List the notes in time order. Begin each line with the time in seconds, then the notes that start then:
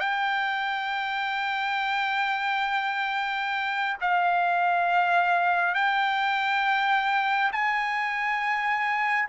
0.00 G5
4.01 F5
5.75 G5
7.52 G#5